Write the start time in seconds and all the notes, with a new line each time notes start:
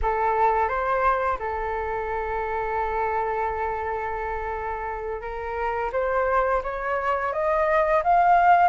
0.02 A4
0.68 C5
1.39 A4
5.21 A#4
5.92 C5
6.63 C#5
7.33 D#5
8.03 F5